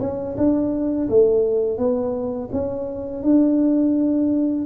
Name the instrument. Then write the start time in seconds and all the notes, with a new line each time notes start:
tuba
0.00 C#4
0.37 D4
1.09 A3
1.78 B3
2.52 C#4
3.23 D4